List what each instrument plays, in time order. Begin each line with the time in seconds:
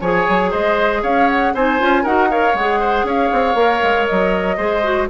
0.00 bassoon F3, clarinet G#4, oboe C#5, flute G#5
0.28 bassoon F#3
0.51 bassoon G#3, oboe C5, flute D#5
1.02 bassoon C#4, oboe C#5, flute F5
1.29 flute F#5
1.54 bassoon C4, clarinet D#4, oboe C5, flute G#5
1.79 bassoon C#4, clarinet F4
2.02 bassoon D#4, clarinet F#4, oboe A#4, flute F#5
2.30 clarinet A#4, oboe C#5, flute F5
2.54 bassoon G#3, clarinet G#4, flute F#5
2.80 oboe C5
3.03 bassoon C#4, oboe C#5, flute F5
3.32 bassoon C4
3.55 bassoon A#3, clarinet A#4
3.82 bassoon G#3
4.06 bassoon F#3, flute D#5
4.57 bassoon G#3, clarinet G#4, oboe C5
4.83 clarinet F#4